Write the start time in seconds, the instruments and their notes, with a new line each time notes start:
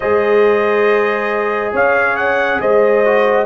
0.00 tuba G#3, trombone G#4, horn C5, trumpet D#5
1.72 tuba C#4, horn C#5, trumpet F5
2.16 trumpet F#5
2.60 tuba G#3, horn C5, trumpet D#5
3.05 trombone F#4